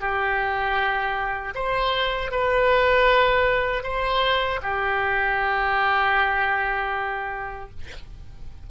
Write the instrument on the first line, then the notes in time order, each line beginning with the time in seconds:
oboe
0.00 G4
1.55 C5
2.31 B4
3.83 C5
4.62 G4